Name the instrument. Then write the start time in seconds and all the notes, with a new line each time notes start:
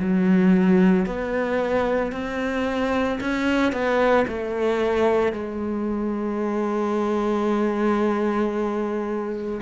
cello
0.00 F#3
1.06 B3
2.13 C4
3.20 C#4
3.73 B3
4.28 A3
5.33 G#3